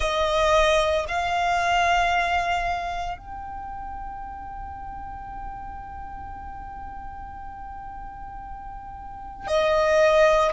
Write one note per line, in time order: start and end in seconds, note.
0.00 1.05 D#5
1.08 3.17 F5
3.17 9.47 G5
9.47 10.52 D#5